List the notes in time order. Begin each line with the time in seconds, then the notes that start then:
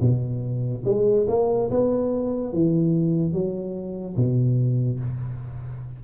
0.00 B2
0.85 G#3
1.28 A#3
1.70 B3
2.53 E3
3.32 F#3
4.16 B2